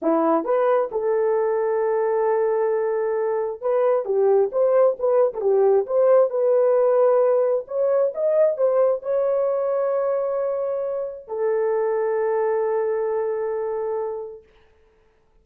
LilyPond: \new Staff \with { instrumentName = "horn" } { \time 4/4 \tempo 4 = 133 e'4 b'4 a'2~ | a'1 | b'4 g'4 c''4 b'8. a'16 | g'4 c''4 b'2~ |
b'4 cis''4 dis''4 c''4 | cis''1~ | cis''4 a'2.~ | a'1 | }